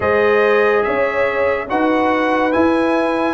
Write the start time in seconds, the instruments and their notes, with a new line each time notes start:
0.00 tuba G#3, trombone G#4, horn C5, trumpet D#5
0.82 tuba C#4, horn C#5, trumpet E5
1.69 tuba D#4, trombone F#4, horn B4, trumpet F#5
2.51 trombone E4, tuba E4, trumpet G#5